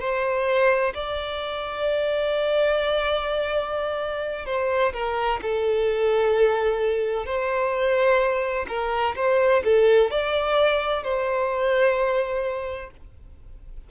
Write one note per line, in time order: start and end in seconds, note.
0.00 0.94 C5
0.94 4.46 D5
4.46 4.93 C5
4.93 5.40 A#4
5.42 7.26 A4
7.26 8.66 C5
8.68 9.15 A#4
9.16 9.63 C5
9.64 10.11 A4
10.11 11.03 D5
11.03 12.91 C5